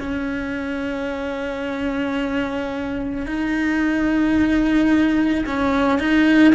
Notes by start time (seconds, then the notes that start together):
0.00 C#4
3.27 D#4
5.46 C#4
6.00 D#4